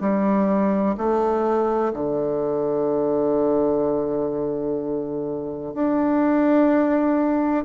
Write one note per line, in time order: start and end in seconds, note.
0.00 0.95 G3
0.97 1.92 A3
1.93 5.74 D3
5.74 7.65 D4